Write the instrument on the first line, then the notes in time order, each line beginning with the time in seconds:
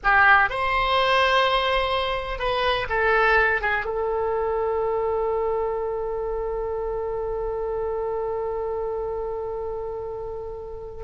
oboe
0.03 G4
0.49 C5
2.38 B4
2.89 A4
3.61 G#4
3.85 A4